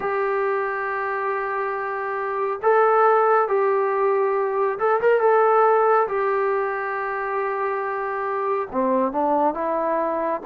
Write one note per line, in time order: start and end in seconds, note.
0.00 2.60 G4
2.62 3.48 A4
3.48 4.78 G4
4.78 5.00 A4
5.00 5.20 A#4
5.20 6.07 A4
6.07 8.68 G4
8.72 9.11 C4
9.11 9.54 D4
9.54 10.41 E4